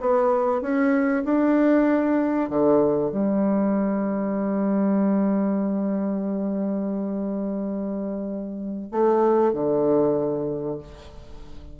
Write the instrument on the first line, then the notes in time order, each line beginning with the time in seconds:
bassoon
0.00 B3
0.61 C#4
1.24 D4
2.49 D3
3.11 G3
8.91 A3
9.53 D3